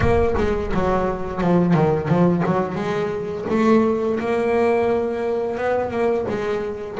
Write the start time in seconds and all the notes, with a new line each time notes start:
0.00 A#3
0.37 G#3
0.73 F#3
1.41 F3
1.73 D#3
2.08 F3
2.46 F#3
2.75 G#3
3.49 A3
4.19 A#3
5.57 B3
5.90 A#3
6.28 G#3